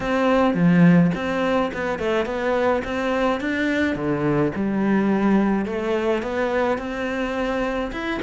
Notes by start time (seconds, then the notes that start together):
0.00 C4
0.54 F3
1.14 C4
1.73 B3
1.98 A3
2.25 B3
2.84 C4
3.40 D4
3.95 D3
4.55 G3
5.65 A3
6.22 B3
6.78 C4
7.92 E4